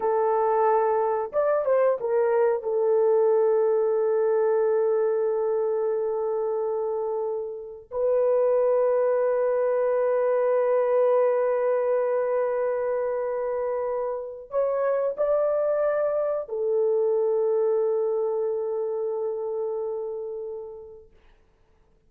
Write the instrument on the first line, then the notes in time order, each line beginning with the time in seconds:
horn
0.00 A4
1.32 D5
1.65 C5
2.00 A#4
2.63 A4
7.91 B4
14.50 C#5
15.17 D5
16.48 A4